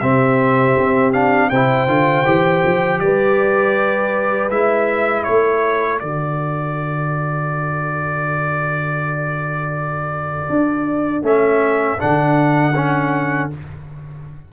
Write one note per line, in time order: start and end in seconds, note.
0.00 0.77 C3
0.00 1.14 C4
0.00 1.50 G4
0.00 1.12 E5
0.78 1.51 C4
1.13 1.51 D4
1.13 1.50 F5
1.50 1.88 C3
1.50 1.88 E4
1.50 3.00 C5
1.50 3.00 G5
1.88 2.25 D3
1.88 2.26 F4
2.26 2.64 E3
2.26 4.51 G4
2.64 3.00 F3
3.00 4.50 G3
3.00 5.27 B4
3.00 4.50 D5
4.50 5.25 G#3
4.50 6.01 E4
4.50 5.24 E5
5.24 6.03 A3
5.24 13.52 A4
5.24 5.99 C#5
6.00 10.50 D3
6.00 11.23 F#4
6.00 11.25 D5
10.50 11.22 D4
11.22 11.97 A3
11.22 11.98 C#4
11.22 12.01 E5
11.99 13.53 D3
11.99 12.74 D4
11.99 13.51 F#5
12.76 13.51 C#4